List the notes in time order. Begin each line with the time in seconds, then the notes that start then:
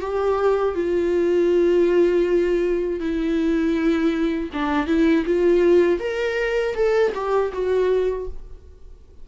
0.00 G4
0.74 F4
3.00 E4
4.53 D4
4.86 E4
5.25 F4
5.99 A#4
6.75 A4
7.14 G4
7.53 F#4